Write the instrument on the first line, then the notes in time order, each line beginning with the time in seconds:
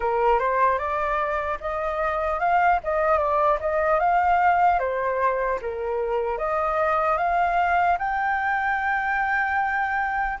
flute
0.00 A#4
0.39 C5
0.78 D5
1.60 D#5
2.39 F5
2.83 D#5
3.18 D5
3.60 D#5
3.99 F5
4.79 C5
5.61 A#4
6.37 D#5
7.17 F5
7.98 G5